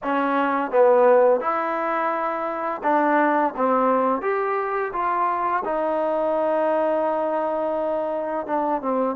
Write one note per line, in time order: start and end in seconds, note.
0.03 0.71 C#4
0.71 1.40 B3
1.40 2.81 E4
2.83 3.54 D4
3.56 4.21 C4
4.21 4.92 G4
4.92 5.63 F4
5.64 8.46 D#4
8.46 8.81 D4
8.81 9.15 C4